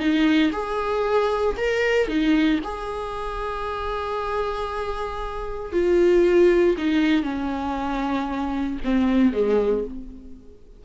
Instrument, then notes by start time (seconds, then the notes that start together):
viola
0.00 D#4
0.53 G#4
1.58 A#4
2.09 D#4
2.64 G#4
5.73 F4
6.78 D#4
7.23 C#4
8.85 C4
9.33 G#3